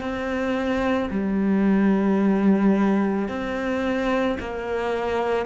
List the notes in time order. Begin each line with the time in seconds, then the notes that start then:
0.00 C4
1.10 G3
3.28 C4
4.39 A#3